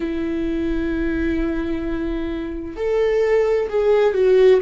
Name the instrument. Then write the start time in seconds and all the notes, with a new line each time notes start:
viola
0.00 E4
2.76 A4
3.69 G#4
4.14 F#4